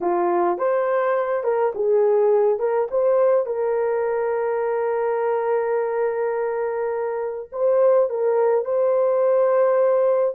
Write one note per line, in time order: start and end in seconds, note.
0.00 0.58 F4
0.58 1.43 C5
1.43 1.72 A#4
1.75 2.59 G#4
2.59 2.88 A#4
2.90 3.45 C5
3.45 7.49 A#4
7.52 8.09 C5
8.09 8.64 A#4
8.64 10.35 C5